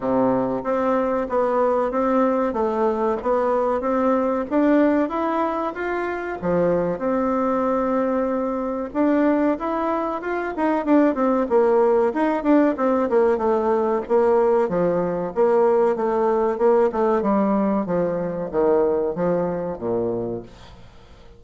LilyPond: \new Staff \with { instrumentName = "bassoon" } { \time 4/4 \tempo 4 = 94 c4 c'4 b4 c'4 | a4 b4 c'4 d'4 | e'4 f'4 f4 c'4~ | c'2 d'4 e'4 |
f'8 dis'8 d'8 c'8 ais4 dis'8 d'8 | c'8 ais8 a4 ais4 f4 | ais4 a4 ais8 a8 g4 | f4 dis4 f4 ais,4 | }